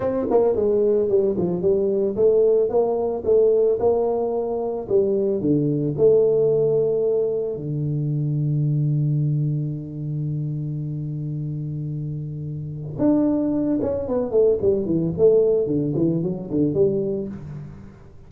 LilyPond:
\new Staff \with { instrumentName = "tuba" } { \time 4/4 \tempo 4 = 111 c'8 ais8 gis4 g8 f8 g4 | a4 ais4 a4 ais4~ | ais4 g4 d4 a4~ | a2 d2~ |
d1~ | d1 | d'4. cis'8 b8 a8 g8 e8 | a4 d8 e8 fis8 d8 g4 | }